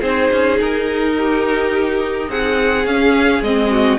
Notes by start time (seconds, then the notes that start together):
0.00 C4 D#4 G#4 C5
0.32 C#4
0.61 D#4 A#4
1.17 G4
2.29 C4 G#4 F#5
2.86 C#4 F5
3.42 G#3 C4 D#5
3.71 F#4